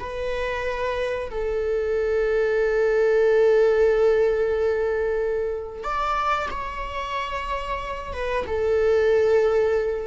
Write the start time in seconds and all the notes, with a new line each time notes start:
0.00 B4
1.31 A4
5.84 D5
6.51 C#5
8.13 B4
8.47 A4